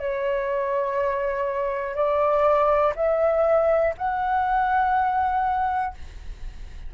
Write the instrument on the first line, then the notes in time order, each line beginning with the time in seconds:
flute
0.00 C#5
1.95 D5
2.96 E5
3.98 F#5